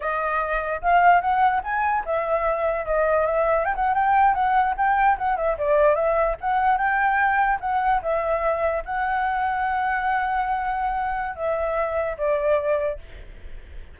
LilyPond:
\new Staff \with { instrumentName = "flute" } { \time 4/4 \tempo 4 = 148 dis''2 f''4 fis''4 | gis''4 e''2 dis''4 | e''4 g''16 fis''8 g''4 fis''4 g''16~ | g''8. fis''8 e''8 d''4 e''4 fis''16~ |
fis''8. g''2 fis''4 e''16~ | e''4.~ e''16 fis''2~ fis''16~ | fis''1 | e''2 d''2 | }